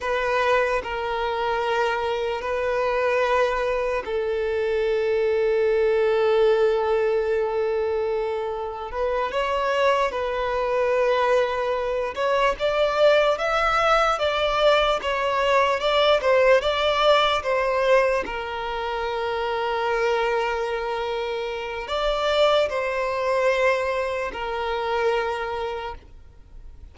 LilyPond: \new Staff \with { instrumentName = "violin" } { \time 4/4 \tempo 4 = 74 b'4 ais'2 b'4~ | b'4 a'2.~ | a'2. b'8 cis''8~ | cis''8 b'2~ b'8 cis''8 d''8~ |
d''8 e''4 d''4 cis''4 d''8 | c''8 d''4 c''4 ais'4.~ | ais'2. d''4 | c''2 ais'2 | }